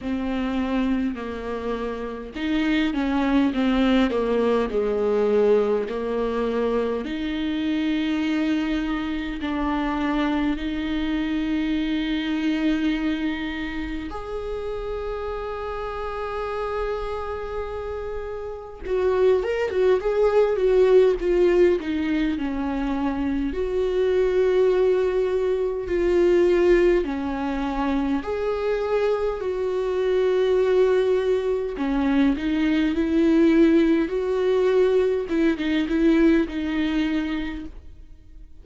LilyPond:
\new Staff \with { instrumentName = "viola" } { \time 4/4 \tempo 4 = 51 c'4 ais4 dis'8 cis'8 c'8 ais8 | gis4 ais4 dis'2 | d'4 dis'2. | gis'1 |
fis'8 ais'16 fis'16 gis'8 fis'8 f'8 dis'8 cis'4 | fis'2 f'4 cis'4 | gis'4 fis'2 cis'8 dis'8 | e'4 fis'4 e'16 dis'16 e'8 dis'4 | }